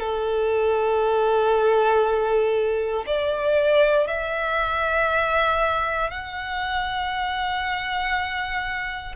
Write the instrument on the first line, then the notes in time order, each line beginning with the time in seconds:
violin
0.00 A4
3.07 D5
4.08 E5
6.11 F#5